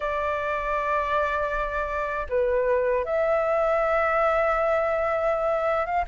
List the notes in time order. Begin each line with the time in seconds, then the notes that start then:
0.00 D5
2.29 B4
3.04 E5
5.86 F5